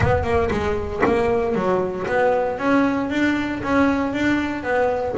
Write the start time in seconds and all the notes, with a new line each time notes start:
0.00 B3
0.23 A#3
0.50 G#3
1.05 A#3
1.54 F#3
2.06 B3
2.58 C#4
3.10 D4
3.63 C#4
4.13 D4
4.63 B3